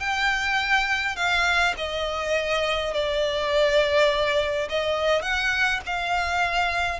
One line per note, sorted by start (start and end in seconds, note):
0.00 1.16 G5
1.16 1.74 F5
1.77 2.94 D#5
2.94 4.68 D5
4.69 5.22 D#5
5.22 5.80 F#5
5.86 7.00 F5